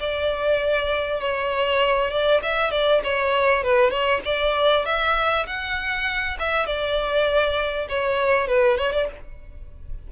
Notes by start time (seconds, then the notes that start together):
0.00 D5
1.21 C#5
2.11 D5
2.43 E5
2.71 D5
3.04 C#5
3.64 B4
3.91 C#5
4.25 D5
4.86 E5
5.47 F#5
6.39 E5
6.67 D5
7.89 C#5
8.48 B4
8.78 C#5
8.93 D5